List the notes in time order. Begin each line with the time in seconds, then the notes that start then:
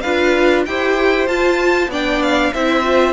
0.00 D4 F4 B4 F5
0.65 E4 G4 C5 G5
1.27 F4 A5
1.88 B3 D4 D5 G5
2.22 F5
2.53 C4 E4 C5 E5
2.83 F4